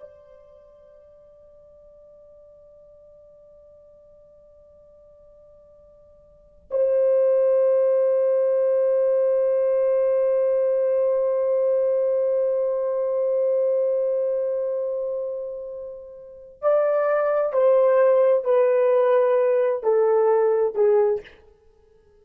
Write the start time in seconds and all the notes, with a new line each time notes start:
0.00 D5
6.71 C5
16.62 D5
17.53 C5
18.44 B4
19.83 A4
20.75 G#4